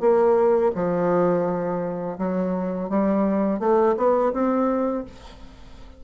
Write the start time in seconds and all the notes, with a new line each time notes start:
0.00 A#3
0.75 F3
2.18 F#3
2.89 G3
3.59 A3
3.97 B3
4.33 C4